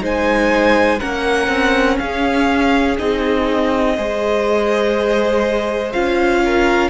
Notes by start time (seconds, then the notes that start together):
0.00 G#3 D#4 C5 G#5
1.00 A#3 C#4 A#4 F#5
1.48 C4
1.98 C#4 G#4 F5
2.97 C4 D#4 D#5
3.96 G#3 G#4 C5
5.92 C#4 F4 F5
6.45 A#4